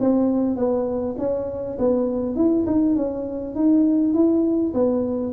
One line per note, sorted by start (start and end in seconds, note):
0.00 0.56 C4
0.56 1.15 B3
1.18 1.77 C#4
1.78 2.35 B3
2.35 2.65 E4
2.66 2.96 D#4
2.96 3.55 C#4
3.55 4.13 D#4
4.13 4.73 E4
4.74 5.32 B3